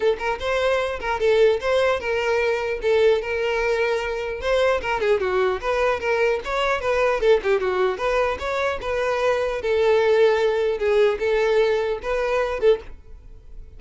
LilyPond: \new Staff \with { instrumentName = "violin" } { \time 4/4 \tempo 4 = 150 a'8 ais'8 c''4. ais'8 a'4 | c''4 ais'2 a'4 | ais'2. c''4 | ais'8 gis'8 fis'4 b'4 ais'4 |
cis''4 b'4 a'8 g'8 fis'4 | b'4 cis''4 b'2 | a'2. gis'4 | a'2 b'4. a'8 | }